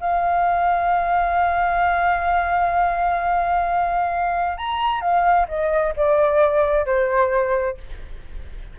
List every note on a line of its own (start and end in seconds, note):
0.00 4.57 F5
4.57 5.00 A#5
5.00 5.46 F5
5.48 5.94 D#5
5.96 6.85 D5
6.85 7.77 C5